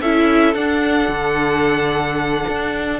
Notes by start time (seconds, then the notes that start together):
0.00 C#4 E4 A4 E5
0.54 D4 F#5
1.08 D3
2.47 D4